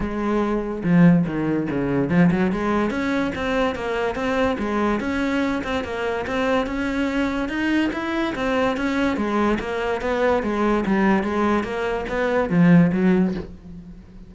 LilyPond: \new Staff \with { instrumentName = "cello" } { \time 4/4 \tempo 4 = 144 gis2 f4 dis4 | cis4 f8 fis8 gis4 cis'4 | c'4 ais4 c'4 gis4 | cis'4. c'8 ais4 c'4 |
cis'2 dis'4 e'4 | c'4 cis'4 gis4 ais4 | b4 gis4 g4 gis4 | ais4 b4 f4 fis4 | }